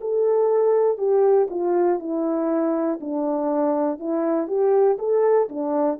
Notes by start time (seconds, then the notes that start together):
0.00 A4
0.97 G4
1.50 F4
1.99 E4
3.00 D4
3.99 E4
4.47 G4
4.98 A4
5.49 D4